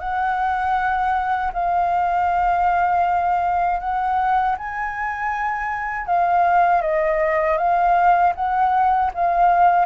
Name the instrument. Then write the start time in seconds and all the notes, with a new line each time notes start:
flute
0.00 F#5
1.54 F5
3.80 F#5
4.58 G#5
6.07 F5
6.82 D#5
7.58 F5
8.35 F#5
9.14 F5